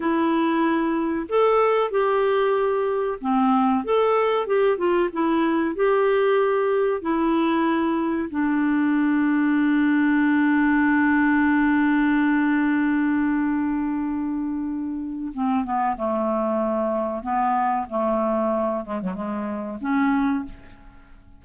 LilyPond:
\new Staff \with { instrumentName = "clarinet" } { \time 4/4 \tempo 4 = 94 e'2 a'4 g'4~ | g'4 c'4 a'4 g'8 f'8 | e'4 g'2 e'4~ | e'4 d'2.~ |
d'1~ | d'1 | c'8 b8 a2 b4 | a4. gis16 fis16 gis4 cis'4 | }